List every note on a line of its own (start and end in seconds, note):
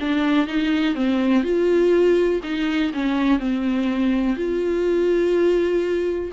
0.00 0.47 D4
0.47 0.95 D#4
0.95 1.43 C4
1.43 2.41 F4
2.43 2.92 D#4
2.94 3.39 C#4
3.39 4.36 C4
4.36 6.31 F4